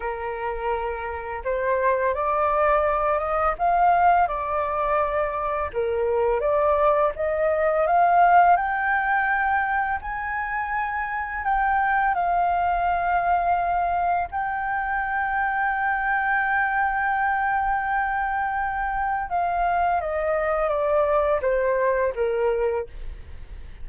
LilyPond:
\new Staff \with { instrumentName = "flute" } { \time 4/4 \tempo 4 = 84 ais'2 c''4 d''4~ | d''8 dis''8 f''4 d''2 | ais'4 d''4 dis''4 f''4 | g''2 gis''2 |
g''4 f''2. | g''1~ | g''2. f''4 | dis''4 d''4 c''4 ais'4 | }